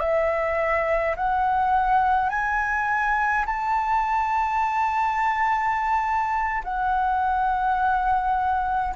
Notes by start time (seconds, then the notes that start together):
0.00 E5
1.16 F#5
2.30 G#5
3.46 A5
6.63 F#5